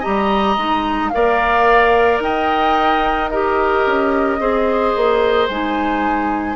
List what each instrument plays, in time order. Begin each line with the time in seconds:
0.00 bassoon G3, clarinet G4, oboe D#5, flute A#5
0.57 bassoon G#3, clarinet D#4
1.09 bassoon A#3, clarinet A#4, oboe D5, flute F5
2.19 bassoon D#4, oboe D#5, flute G5
3.29 clarinet G4, oboe A#4, flute D#5
3.86 bassoon C#4
4.38 bassoon C4, clarinet G#4, oboe C5
4.95 bassoon A#3
5.48 bassoon G#3, clarinet D#4, flute G#5